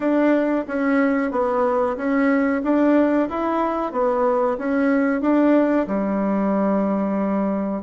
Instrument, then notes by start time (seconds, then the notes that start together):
bassoon
0.00 D4
0.67 C#4
1.31 B3
1.97 C#4
2.63 D4
3.29 E4
3.91 B3
4.57 C#4
5.21 D4
5.87 G3